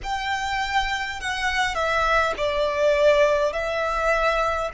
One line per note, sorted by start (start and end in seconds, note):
0.03 1.20 G5
1.20 1.74 F#5
1.74 2.33 E5
2.37 3.52 D5
3.52 4.70 E5